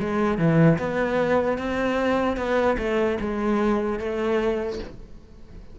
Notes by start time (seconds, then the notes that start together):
0.00 G#3
0.38 E3
0.78 B3
1.58 C4
2.37 B3
2.78 A3
3.20 G#3
3.99 A3